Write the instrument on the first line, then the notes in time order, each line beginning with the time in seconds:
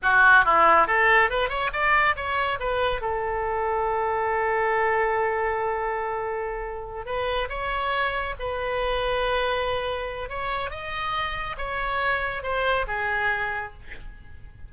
oboe
0.02 F#4
0.44 E4
0.87 A4
1.30 B4
1.49 C#5
1.72 D5
2.15 C#5
2.59 B4
3.01 A4
7.05 B4
7.49 C#5
8.39 B4
10.29 C#5
10.70 D#5
11.57 C#5
12.43 C5
12.87 G#4